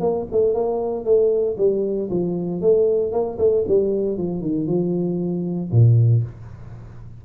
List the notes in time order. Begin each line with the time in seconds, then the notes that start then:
0.00 A#3
0.32 A3
0.54 A#3
1.05 A3
1.58 G3
2.10 F3
2.61 A3
3.12 A#3
3.39 A3
3.68 G3
4.18 F3
4.41 D#3
4.67 F3
5.72 A#2